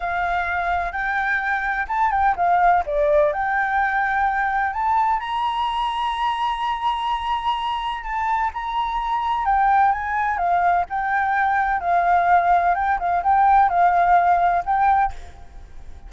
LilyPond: \new Staff \with { instrumentName = "flute" } { \time 4/4 \tempo 4 = 127 f''2 g''2 | a''8 g''8 f''4 d''4 g''4~ | g''2 a''4 ais''4~ | ais''1~ |
ais''4 a''4 ais''2 | g''4 gis''4 f''4 g''4~ | g''4 f''2 g''8 f''8 | g''4 f''2 g''4 | }